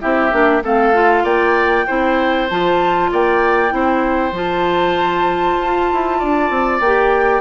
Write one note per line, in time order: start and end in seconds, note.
0.00 0.32 C4
0.00 0.31 E4
0.00 0.63 G4
0.00 0.62 E5
0.31 0.63 A#3
0.31 0.62 D4
0.62 1.23 A3
0.62 0.93 C4
0.62 1.24 A4
0.62 1.25 F5
0.93 1.86 F4
1.23 1.85 A#3
1.23 1.85 D5
1.23 2.48 G5
1.87 2.50 C4
1.87 2.49 E4
1.87 3.10 C5
2.49 3.12 F3
2.49 3.69 F4
2.49 3.11 A5
3.12 3.72 A#3
3.12 3.74 D5
3.12 4.36 G5
3.69 4.32 C4
3.69 4.31 E4
3.69 6.19 C5
4.32 5.56 F3
4.32 6.82 F4
4.32 6.81 A5
5.60 5.91 F4
5.92 6.22 E4
6.19 6.50 D4
6.19 7.41 D5
6.50 6.80 C4
6.80 7.41 A#3
6.80 7.41 G4
6.80 7.41 G5